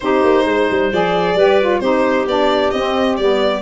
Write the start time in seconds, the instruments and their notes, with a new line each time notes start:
0.00 tuba C4, saxophone D#4, clarinet G4, violin C5
0.23 tuba A#3
0.43 tuba G#3, clarinet C5
0.70 tuba G3
0.92 tuba F3, saxophone G#4, violin D5
1.35 tuba G3, saxophone G4, clarinet B4
1.60 saxophone F4
1.80 tuba C4, saxophone D#4, clarinet G4, violin C5
2.26 tuba B3, saxophone D4, violin D5
2.70 tuba C4, violin D#5
2.76 saxophone C4
3.16 tuba G3, saxophone B3, violin D5